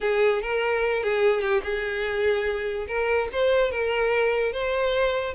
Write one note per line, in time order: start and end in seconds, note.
0.01 0.42 G#4
0.42 1.03 A#4
1.03 1.41 G#4
1.41 1.61 G4
1.63 2.86 G#4
2.87 3.28 A#4
3.32 3.71 C5
3.71 4.52 A#4
4.52 5.34 C5